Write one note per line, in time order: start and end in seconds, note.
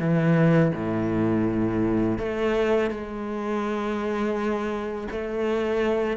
0.00 0.72 E3
0.74 2.19 A2
2.19 2.91 A3
2.91 5.08 G#3
5.12 6.18 A3